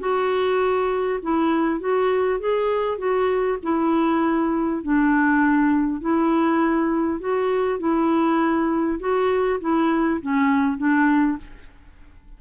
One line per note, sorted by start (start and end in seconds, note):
0.00 1.20 F#4
1.23 1.81 E4
1.81 2.40 F#4
2.40 2.98 G#4
2.98 3.58 F#4
3.63 4.83 E4
4.83 6.01 D4
6.01 7.21 E4
7.21 7.80 F#4
7.80 9.00 E4
9.00 9.60 F#4
9.61 10.21 E4
10.21 10.78 C#4
10.78 11.38 D4